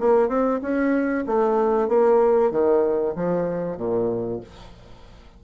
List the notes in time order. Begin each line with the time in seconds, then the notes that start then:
0.00 A#3
0.28 C4
0.61 C#4
1.27 A3
1.88 A#3
2.51 D#3
3.16 F3
3.77 A#2